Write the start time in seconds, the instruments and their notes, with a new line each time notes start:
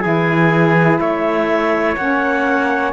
0.00 saxophone E4, trumpet G#4, clarinet G#5
0.06 cello E3
1.00 cello A3, trumpet C#5, clarinet E5
1.97 cello A#3, saxophone C#4, clarinet F#5